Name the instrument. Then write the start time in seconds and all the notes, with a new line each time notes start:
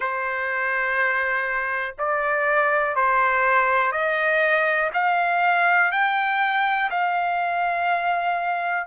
trumpet
0.00 C5
1.98 D5
2.95 C5
3.92 D#5
4.93 F5
5.92 G5
6.90 F5